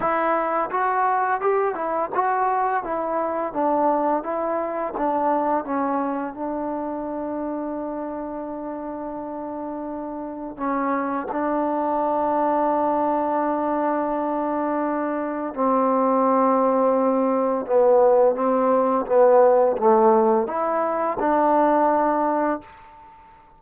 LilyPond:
\new Staff \with { instrumentName = "trombone" } { \time 4/4 \tempo 4 = 85 e'4 fis'4 g'8 e'8 fis'4 | e'4 d'4 e'4 d'4 | cis'4 d'2.~ | d'2. cis'4 |
d'1~ | d'2 c'2~ | c'4 b4 c'4 b4 | a4 e'4 d'2 | }